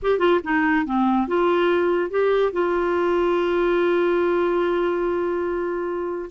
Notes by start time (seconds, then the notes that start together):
0.02 G4
0.18 F4
0.43 D#4
0.85 C4
1.27 F4
2.10 G4
2.52 F4